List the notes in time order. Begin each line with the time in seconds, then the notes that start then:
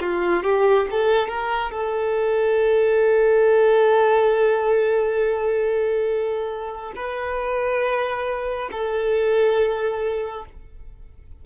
0.00 F4
0.43 G4
0.91 A4
1.28 A#4
1.71 A4
6.95 B4
8.71 A4